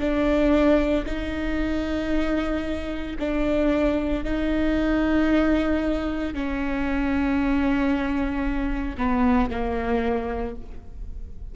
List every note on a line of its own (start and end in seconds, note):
0.00 1.05 D4
1.06 3.17 D#4
3.19 4.24 D4
4.24 6.34 D#4
6.34 8.97 C#4
8.98 9.50 B3
9.51 10.56 A#3